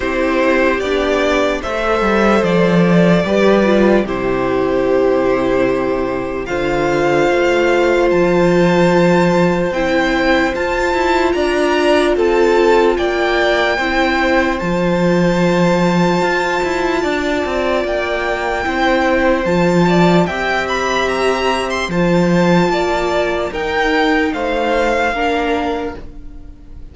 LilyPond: <<
  \new Staff \with { instrumentName = "violin" } { \time 4/4 \tempo 4 = 74 c''4 d''4 e''4 d''4~ | d''4 c''2. | f''2 a''2 | g''4 a''4 ais''4 a''4 |
g''2 a''2~ | a''2 g''2 | a''4 g''8 b''8 ais''8. c'''16 a''4~ | a''4 g''4 f''2 | }
  \new Staff \with { instrumentName = "violin" } { \time 4/4 g'2 c''2 | b'4 g'2. | c''1~ | c''2 d''4 a'4 |
d''4 c''2.~ | c''4 d''2 c''4~ | c''8 d''8 e''2 c''4 | d''4 ais'4 c''4 ais'4 | }
  \new Staff \with { instrumentName = "viola" } { \time 4/4 e'4 d'4 a'2 | g'8 f'8 e'2. | f'1 | e'4 f'2.~ |
f'4 e'4 f'2~ | f'2. e'4 | f'4 g'2 f'4~ | f'4 dis'2 d'4 | }
  \new Staff \with { instrumentName = "cello" } { \time 4/4 c'4 b4 a8 g8 f4 | g4 c2. | d4 a4 f2 | c'4 f'8 e'8 d'4 c'4 |
ais4 c'4 f2 | f'8 e'8 d'8 c'8 ais4 c'4 | f4 c'2 f4 | ais4 dis'4 a4 ais4 | }
>>